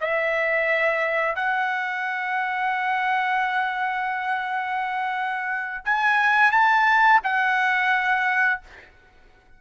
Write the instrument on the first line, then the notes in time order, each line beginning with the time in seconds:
trumpet
0.00 E5
1.35 F#5
5.85 G#5
6.51 A5
7.23 F#5